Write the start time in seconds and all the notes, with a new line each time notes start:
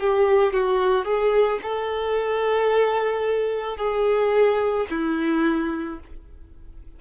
0.00 G4
0.54 F#4
1.05 G#4
1.63 A4
3.77 G#4
4.90 E4